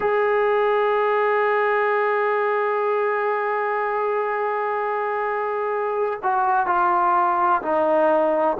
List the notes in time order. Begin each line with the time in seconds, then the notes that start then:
0.00 G#4
6.23 F#4
6.66 F4
7.61 D#4